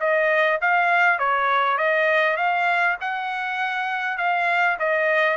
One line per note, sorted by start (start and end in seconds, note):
0.00 0.60 D#5
0.61 1.19 F5
1.19 1.78 C#5
1.78 2.37 D#5
2.37 2.97 F5
3.01 4.18 F#5
4.18 4.78 F5
4.79 5.37 D#5